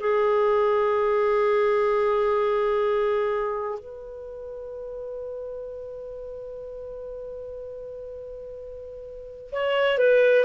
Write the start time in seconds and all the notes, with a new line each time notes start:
0.00 G#4
3.79 B4
9.52 C#5
9.98 B4